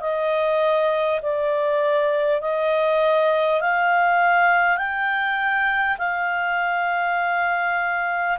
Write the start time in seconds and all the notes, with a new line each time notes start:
0.00 D#5
1.22 D5
2.41 D#5
3.61 F5
4.77 G5
5.97 F5